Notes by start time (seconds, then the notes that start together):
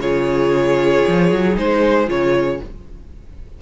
0.00 C#3 F4 G#4 C#5
1.08 F3
1.32 F#3
1.54 G#3 D#4 C5
2.08 C#3 F4 C#5